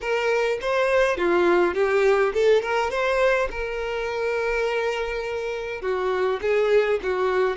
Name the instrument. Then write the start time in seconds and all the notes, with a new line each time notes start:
violin
0.00 A#4
0.61 C5
1.17 F4
1.74 G4
2.33 A4
2.62 A#4
2.90 C5
3.51 A#4
5.81 F#4
6.41 G#4
7.02 F#4